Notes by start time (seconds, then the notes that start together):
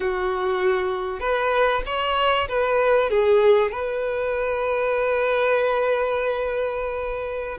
0.00 F#4
1.20 B4
1.86 C#5
2.48 B4
3.10 G#4
3.71 B4